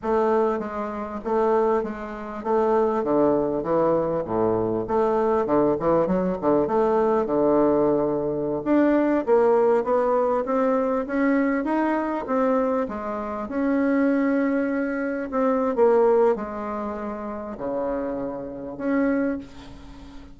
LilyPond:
\new Staff \with { instrumentName = "bassoon" } { \time 4/4 \tempo 4 = 99 a4 gis4 a4 gis4 | a4 d4 e4 a,4 | a4 d8 e8 fis8 d8 a4 | d2~ d16 d'4 ais8.~ |
ais16 b4 c'4 cis'4 dis'8.~ | dis'16 c'4 gis4 cis'4.~ cis'16~ | cis'4~ cis'16 c'8. ais4 gis4~ | gis4 cis2 cis'4 | }